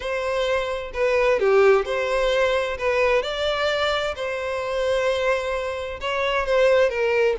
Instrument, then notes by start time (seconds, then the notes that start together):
violin
0.00 C5
0.93 B4
1.39 G4
1.85 C5
2.78 B4
3.22 D5
4.15 C5
6.00 C#5
6.46 C5
6.89 A#4